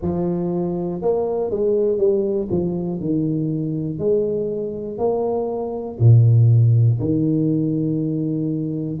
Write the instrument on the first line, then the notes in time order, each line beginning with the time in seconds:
tuba
0.02 F3
1.01 A#3
1.50 G#3
1.97 G3
2.50 F3
3.00 D#3
3.99 G#3
4.97 A#3
5.99 A#2
7.00 D#3